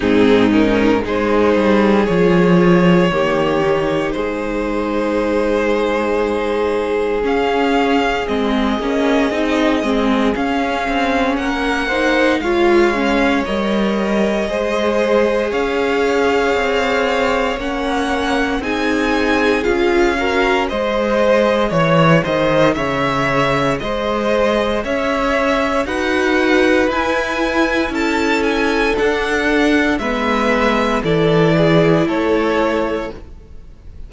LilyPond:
<<
  \new Staff \with { instrumentName = "violin" } { \time 4/4 \tempo 4 = 58 gis'8 ais'8 c''4 cis''2 | c''2. f''4 | dis''2 f''4 fis''4 | f''4 dis''2 f''4~ |
f''4 fis''4 gis''4 f''4 | dis''4 cis''8 dis''8 e''4 dis''4 | e''4 fis''4 gis''4 a''8 gis''8 | fis''4 e''4 d''4 cis''4 | }
  \new Staff \with { instrumentName = "violin" } { \time 4/4 dis'4 gis'2 g'4 | gis'1~ | gis'2. ais'8 c''8 | cis''2 c''4 cis''4~ |
cis''2 gis'4. ais'8 | c''4 cis''8 c''8 cis''4 c''4 | cis''4 b'2 a'4~ | a'4 b'4 a'8 gis'8 a'4 | }
  \new Staff \with { instrumentName = "viola" } { \time 4/4 c'8 cis'8 dis'4 f'4 ais8 dis'8~ | dis'2. cis'4 | c'8 cis'8 dis'8 c'8 cis'4. dis'8 | f'8 cis'8 ais'4 gis'2~ |
gis'4 cis'4 dis'4 f'8 fis'8 | gis'1~ | gis'4 fis'4 e'2 | d'4 b4 e'2 | }
  \new Staff \with { instrumentName = "cello" } { \time 4/4 gis,4 gis8 g8 f4 dis4 | gis2. cis'4 | gis8 ais8 c'8 gis8 cis'8 c'8 ais4 | gis4 g4 gis4 cis'4 |
c'4 ais4 c'4 cis'4 | gis4 e8 dis8 cis4 gis4 | cis'4 dis'4 e'4 cis'4 | d'4 gis4 e4 a4 | }
>>